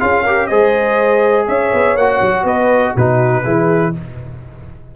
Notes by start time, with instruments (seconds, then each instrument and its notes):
0.00 tuba C#4, trombone F4, horn G#4, trumpet F5
0.24 trombone G4, horn A#4
0.47 tuba G#3, trombone G#4, horn C5, trumpet D#5
1.48 tuba C#4, horn C#5, trumpet E5
1.74 tuba B3
1.97 tuba A#3, trombone F#4, trumpet F#5
2.22 tuba F#3
2.44 tuba B3, horn B4, trumpet D#5
2.94 tuba B2, trombone D#4, horn F#4, trumpet B4
3.44 tuba E3, trombone E4, horn G#4